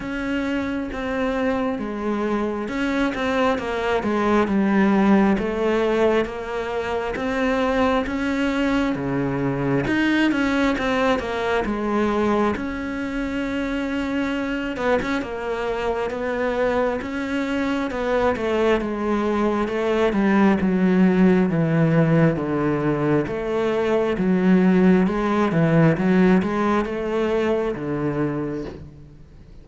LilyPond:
\new Staff \with { instrumentName = "cello" } { \time 4/4 \tempo 4 = 67 cis'4 c'4 gis4 cis'8 c'8 | ais8 gis8 g4 a4 ais4 | c'4 cis'4 cis4 dis'8 cis'8 | c'8 ais8 gis4 cis'2~ |
cis'8 b16 cis'16 ais4 b4 cis'4 | b8 a8 gis4 a8 g8 fis4 | e4 d4 a4 fis4 | gis8 e8 fis8 gis8 a4 d4 | }